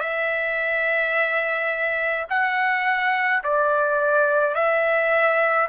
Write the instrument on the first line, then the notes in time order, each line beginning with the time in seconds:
trumpet
0.00 E5
2.30 F#5
3.43 D5
4.54 E5